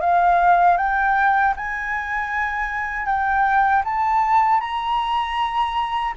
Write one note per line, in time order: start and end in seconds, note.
0.00 0.77 F5
0.77 1.53 G5
1.56 3.06 G#5
3.06 3.83 G5
3.84 4.60 A5
4.60 6.14 A#5